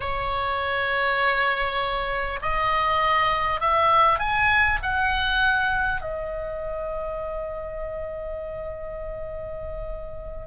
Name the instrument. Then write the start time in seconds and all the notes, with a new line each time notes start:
oboe
0.00 C#5
2.42 D#5
3.60 E5
4.19 G#5
4.82 F#5
6.01 D#5